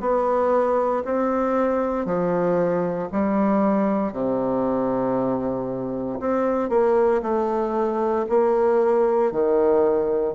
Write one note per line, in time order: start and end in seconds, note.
0.00 1.03 B3
1.04 2.05 C4
2.05 3.08 F3
3.12 4.12 G3
4.12 6.19 C3
6.20 6.70 C4
6.70 7.21 A#3
7.22 8.26 A3
8.29 9.32 A#3
9.32 10.34 D#3